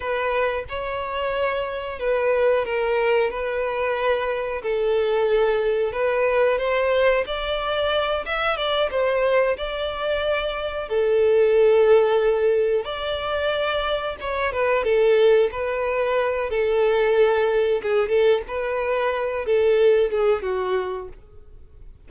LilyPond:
\new Staff \with { instrumentName = "violin" } { \time 4/4 \tempo 4 = 91 b'4 cis''2 b'4 | ais'4 b'2 a'4~ | a'4 b'4 c''4 d''4~ | d''8 e''8 d''8 c''4 d''4.~ |
d''8 a'2. d''8~ | d''4. cis''8 b'8 a'4 b'8~ | b'4 a'2 gis'8 a'8 | b'4. a'4 gis'8 fis'4 | }